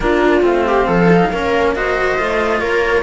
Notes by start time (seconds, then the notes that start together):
0.00 A#3 D4 F4 A#4
0.41 A3 C4 F5
0.67 G4
0.86 F3 A4
1.11 D#4
1.31 A#3 C#4 A#4
1.75 F#4 C5 D#5
2.18 A3 F4
2.60 A#3 A#4 C#5